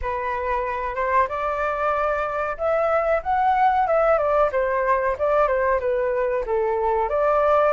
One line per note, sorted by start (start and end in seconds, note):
0.01 0.95 B4
0.95 1.27 C5
1.28 2.57 D5
2.57 3.22 E5
3.23 3.87 F#5
3.87 4.18 E5
4.18 4.50 D5
4.52 5.16 C5
5.18 5.47 D5
5.47 5.79 C5
5.79 6.44 B4
6.45 7.09 A4
7.09 7.72 D5